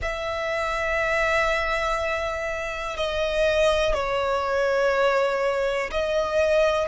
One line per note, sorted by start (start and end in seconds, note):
0.01 2.96 E5
2.96 3.93 D#5
3.93 5.90 C#5
5.91 6.88 D#5